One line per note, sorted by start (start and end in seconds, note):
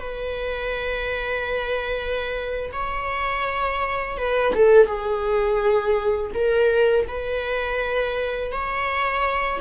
0.00 2.71 B4
2.73 4.18 C#5
4.18 4.54 B4
4.55 4.87 A4
4.87 6.32 G#4
6.35 7.07 A#4
7.08 8.52 B4
8.52 9.60 C#5